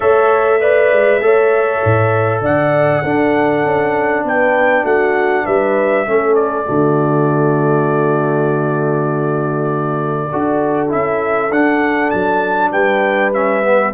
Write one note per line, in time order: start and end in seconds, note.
0.00 0.92 A3
0.00 0.60 A4
0.00 0.60 C#5
0.00 2.42 E5
0.60 1.20 B4
0.60 1.21 D5
0.92 1.20 G#3
1.20 1.80 A3
1.20 3.03 A4
1.20 2.41 C#5
1.84 2.41 A2
2.41 3.02 D3
2.41 3.02 D5
2.41 4.26 F#5
3.02 3.64 D4
3.02 6.06 D4
3.02 4.23 A4
3.64 4.23 C#4
4.23 4.84 B3
4.23 4.83 B4
4.23 4.85 G5
4.83 5.44 A3
4.83 5.44 F#4
4.83 5.45 F#5
5.45 6.07 G3
5.45 6.05 B4
5.45 6.34 E5
6.06 6.67 A3
6.06 6.65 C#4
6.06 6.65 A4
6.34 10.89 D5
6.65 10.32 D3
6.65 10.29 A3
6.65 10.28 F#4
10.30 10.93 D4
10.30 10.89 F#4
10.30 12.71 A4
10.89 11.50 C#4
10.89 11.49 E4
10.89 11.52 E5
11.50 12.10 D4
11.50 13.34 D4
11.50 12.10 F#5
12.10 12.72 F#3
12.10 12.71 A5
12.71 13.93 G3
12.71 13.92 B4
12.71 13.32 G5
13.33 13.62 C#4
13.33 13.94 E5
13.62 13.92 B3